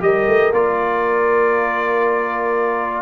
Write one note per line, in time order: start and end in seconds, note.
0.00 0.27 G3
0.00 0.50 G4
0.00 3.02 A#4
0.00 0.52 D#5
0.27 0.52 A3
0.52 3.02 A#3
0.52 3.02 F4
0.52 3.02 D5